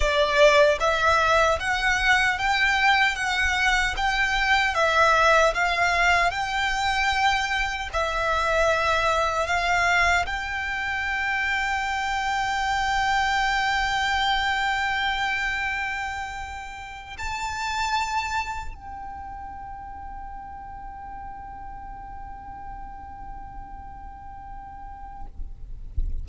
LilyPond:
\new Staff \with { instrumentName = "violin" } { \time 4/4 \tempo 4 = 76 d''4 e''4 fis''4 g''4 | fis''4 g''4 e''4 f''4 | g''2 e''2 | f''4 g''2.~ |
g''1~ | g''4.~ g''16 a''2 g''16~ | g''1~ | g''1 | }